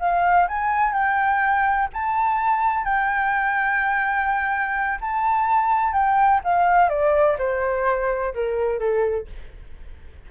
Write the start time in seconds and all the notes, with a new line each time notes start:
0.00 F5
0.48 G#5
0.93 G5
1.94 A5
2.85 G5
5.01 A5
5.93 G5
6.44 F5
6.89 D5
7.39 C5
8.34 A#4
8.80 A4